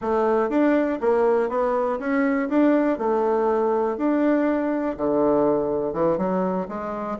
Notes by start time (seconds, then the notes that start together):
0.01 A3
0.49 D4
1.01 A#3
1.49 B3
1.99 C#4
2.49 D4
2.98 A3
3.97 D4
4.97 D3
5.93 E3
6.17 F#3
6.68 G#3